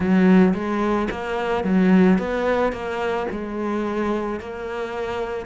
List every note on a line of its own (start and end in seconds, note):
0.00 0.53 F#3
0.54 1.08 G#3
1.11 1.64 A#3
1.64 2.18 F#3
2.18 2.72 B3
2.72 3.26 A#3
3.31 4.39 G#3
4.39 5.45 A#3